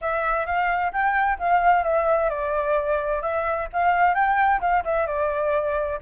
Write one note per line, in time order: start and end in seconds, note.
0.01 0.46 E5
0.46 0.92 F5
0.92 1.38 G5
1.38 1.83 F5
1.83 2.29 E5
2.29 3.22 D5
3.22 3.68 E5
3.72 4.14 F5
4.14 4.60 G5
4.60 4.83 F5
4.84 5.06 E5
5.06 5.99 D5